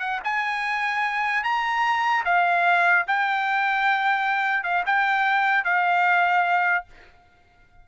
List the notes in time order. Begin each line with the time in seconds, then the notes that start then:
0.00 F#5
0.24 G#5
1.44 A#5
2.25 F5
3.07 G5
4.64 F5
4.86 G5
5.65 F5